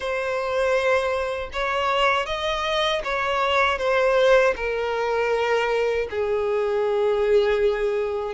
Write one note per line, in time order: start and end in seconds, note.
0.00 1.49 C5
1.52 2.26 C#5
2.26 3.02 D#5
3.04 3.78 C#5
3.78 4.54 C5
4.56 6.08 A#4
6.10 8.34 G#4